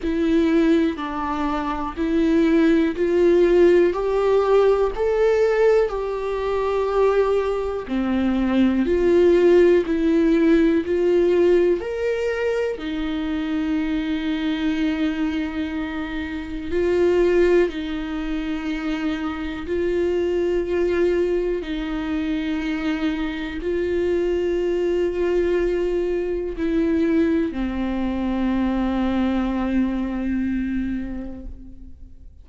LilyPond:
\new Staff \with { instrumentName = "viola" } { \time 4/4 \tempo 4 = 61 e'4 d'4 e'4 f'4 | g'4 a'4 g'2 | c'4 f'4 e'4 f'4 | ais'4 dis'2.~ |
dis'4 f'4 dis'2 | f'2 dis'2 | f'2. e'4 | c'1 | }